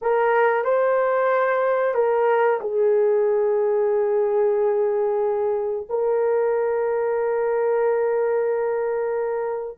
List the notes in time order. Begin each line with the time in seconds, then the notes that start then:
0.01 A#4
0.64 C5
1.94 A#4
2.60 G#4
5.89 A#4